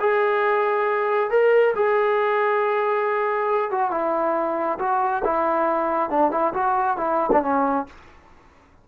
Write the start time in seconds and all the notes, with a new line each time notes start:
0.00 G#4
1.30 A#4
1.75 G#4
3.71 F#4
3.91 E4
4.79 F#4
5.24 E4
6.10 D4
6.31 E4
6.53 F#4
6.97 E4
7.32 D4
7.42 C#4